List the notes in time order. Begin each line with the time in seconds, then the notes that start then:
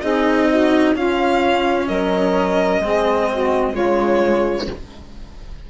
0.00 C4 D#4 G#4 D#5
0.49 F#4
0.95 C#4 F4 F5
1.88 F#3 A#4 D#5
2.80 G#3 C4 G#4
3.32 F#4
3.72 C#3 G#3 F4 C#5